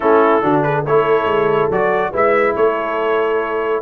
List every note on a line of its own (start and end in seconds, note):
0.00 0.43 A3
0.00 0.42 C#4
0.00 0.43 E4
0.00 0.61 A4
0.42 0.86 D3
0.42 0.84 D4
0.42 0.64 F#4
0.63 0.85 G#4
0.63 0.84 B4
0.85 1.24 A3
0.85 1.71 E4
0.85 2.11 A4
0.85 1.71 C#5
1.24 1.67 G#3
1.69 2.12 F#3
1.69 2.13 F#4
1.69 2.14 D5
2.11 2.55 G#3
2.11 3.81 E4
2.11 2.54 B4
2.11 2.55 E5
2.55 3.81 A3
2.55 3.81 A4
2.55 3.81 C#5